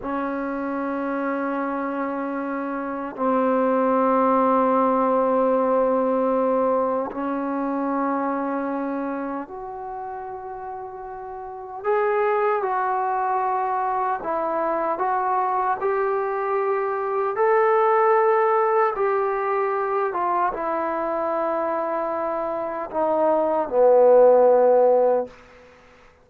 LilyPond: \new Staff \with { instrumentName = "trombone" } { \time 4/4 \tempo 4 = 76 cis'1 | c'1~ | c'4 cis'2. | fis'2. gis'4 |
fis'2 e'4 fis'4 | g'2 a'2 | g'4. f'8 e'2~ | e'4 dis'4 b2 | }